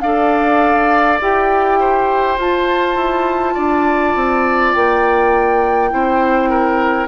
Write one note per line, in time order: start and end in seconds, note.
0.00 1.19 D4
0.00 1.21 A4
0.00 1.79 D5
0.00 1.18 F5
1.21 2.37 E4
1.21 2.38 G4
1.21 2.39 G5
1.79 3.54 C5
2.37 2.95 F4
2.37 5.90 F4
2.37 4.74 A5
2.95 3.54 E4
3.54 4.15 D4
3.54 5.89 D5
4.15 4.74 C4
4.74 5.93 A#3
4.74 7.07 G5
5.90 7.07 C4
5.90 7.07 E4
5.90 6.50 C5
6.50 7.07 A#4